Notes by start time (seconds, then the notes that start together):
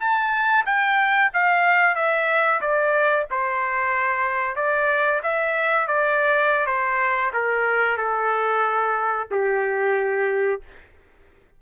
0.00 A5
0.66 G5
1.33 F5
1.95 E5
2.61 D5
3.31 C5
4.56 D5
5.23 E5
5.88 D5
6.66 C5
7.33 A#4
7.97 A4
9.31 G4